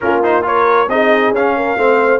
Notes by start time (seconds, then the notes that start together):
0.00 A#3 C#4 F4 A#4
0.23 D#4 C5
0.42 F4 A#4 C#5
0.87 C4 D#4 G#4 D#5
1.31 C#4 F5
1.56 A#4
1.77 A3 C4 C5